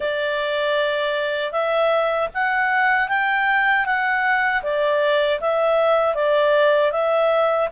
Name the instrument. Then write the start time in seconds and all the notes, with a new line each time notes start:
clarinet
0.00 D5
1.51 E5
2.34 F#5
3.08 G5
3.85 F#5
4.63 D5
5.40 E5
6.14 D5
6.91 E5